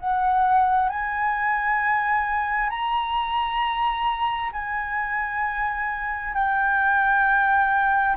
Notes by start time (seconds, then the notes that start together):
0.00 F#5
0.90 G#5
2.70 A#5
4.53 G#5
6.34 G5